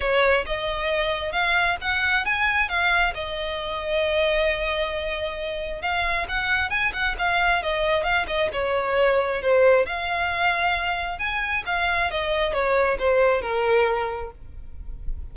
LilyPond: \new Staff \with { instrumentName = "violin" } { \time 4/4 \tempo 4 = 134 cis''4 dis''2 f''4 | fis''4 gis''4 f''4 dis''4~ | dis''1~ | dis''4 f''4 fis''4 gis''8 fis''8 |
f''4 dis''4 f''8 dis''8 cis''4~ | cis''4 c''4 f''2~ | f''4 gis''4 f''4 dis''4 | cis''4 c''4 ais'2 | }